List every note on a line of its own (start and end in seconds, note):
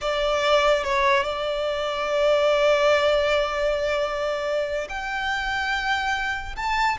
0.01 0.83 D5
0.83 1.23 C#5
1.23 4.88 D5
4.88 6.55 G5
6.56 6.97 A5